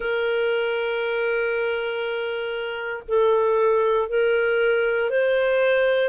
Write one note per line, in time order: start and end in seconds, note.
0.00 3.02 A#4
3.07 4.09 A4
4.09 5.09 A#4
5.09 6.09 C5